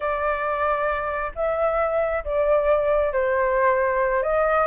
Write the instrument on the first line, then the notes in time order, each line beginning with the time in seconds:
flute
0.00 D5
1.35 E5
2.24 D5
3.13 C5
4.22 D#5